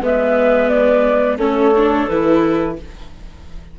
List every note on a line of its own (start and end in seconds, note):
0.00 1.37 G#3
0.00 1.38 B3
0.00 1.37 B4
0.00 0.68 E5
0.68 1.37 D5
1.37 2.06 A3
1.37 1.72 C#4
1.37 2.75 A4
1.37 2.08 C#5
1.76 2.10 D4
2.08 2.78 E3
2.08 2.79 E4
2.08 2.77 B4